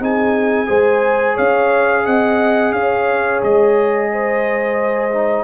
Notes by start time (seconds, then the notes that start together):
0.00 C4 D#4 G#4 G#5
0.67 G#3 G#4 C5
1.35 C#4 C#5 F5
2.06 C4 D#5 F#5
2.73 C#4 C#5 F5
3.43 G#3 D#5
4.12 C5
5.13 D#4